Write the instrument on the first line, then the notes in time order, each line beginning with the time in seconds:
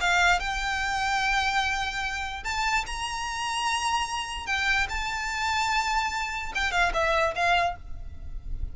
violin
0.00 F5
0.40 G5
2.44 A5
2.86 A#5
4.46 G5
4.89 A5
6.55 G5
6.72 F5
6.93 E5
7.35 F5